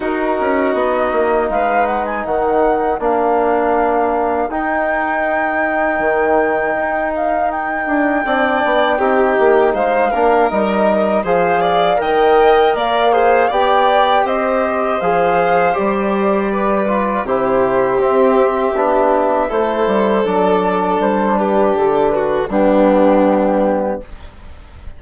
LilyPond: <<
  \new Staff \with { instrumentName = "flute" } { \time 4/4 \tempo 4 = 80 ais'4 dis''4 f''8 fis''16 gis''16 fis''4 | f''2 g''2~ | g''4. f''8 g''2~ | g''4 f''4 dis''4 f''4 |
g''4 f''4 g''4 dis''4 | f''4 d''2 c''4 | e''2 c''4 d''4 | c''8 b'8 a'8 b'8 g'2 | }
  \new Staff \with { instrumentName = "violin" } { \time 4/4 fis'2 b'4 ais'4~ | ais'1~ | ais'2. d''4 | g'4 c''8 ais'4. c''8 d''8 |
dis''4 d''8 c''8 d''4 c''4~ | c''2 b'4 g'4~ | g'2 a'2~ | a'8 g'4 fis'8 d'2 | }
  \new Staff \with { instrumentName = "trombone" } { \time 4/4 dis'1 | d'2 dis'2~ | dis'2. d'4 | dis'4. d'8 dis'4 gis'4 |
ais'4. gis'8 g'2 | gis'4 g'4. f'8 e'4 | c'4 d'4 e'4 d'4~ | d'2 b2 | }
  \new Staff \with { instrumentName = "bassoon" } { \time 4/4 dis'8 cis'8 b8 ais8 gis4 dis4 | ais2 dis'2 | dis4 dis'4. d'8 c'8 b8 | c'8 ais8 gis8 ais8 g4 f4 |
dis4 ais4 b4 c'4 | f4 g2 c4 | c'4 b4 a8 g8 fis4 | g4 d4 g2 | }
>>